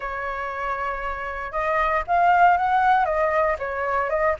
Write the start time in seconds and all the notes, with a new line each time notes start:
0.00 C#5
1.52 D#5
2.07 F5
2.57 F#5
3.05 D#5
3.58 C#5
4.09 D#5